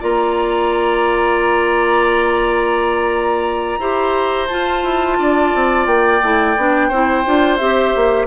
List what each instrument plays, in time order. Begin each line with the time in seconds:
0.00 bassoon A#3, clarinet F4, oboe D5, flute A#5
3.78 bassoon E4, clarinet G4, oboe C5
4.48 clarinet F4, bassoon F4, flute A5
4.83 bassoon E4
5.18 bassoon D4, oboe D5
5.54 bassoon C4
5.86 bassoon A#3, flute G5
6.22 bassoon A3, clarinet E4
6.56 bassoon B3, clarinet D4
6.88 bassoon C4, clarinet E4, oboe C5
7.25 bassoon D4, clarinet F4
7.57 bassoon C4, clarinet G4, flute E5
7.95 bassoon A#3